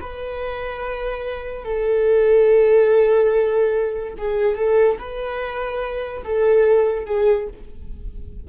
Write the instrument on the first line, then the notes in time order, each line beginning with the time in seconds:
viola
0.00 B4
1.64 A4
4.17 G#4
4.56 A4
4.98 B4
6.24 A4
7.05 G#4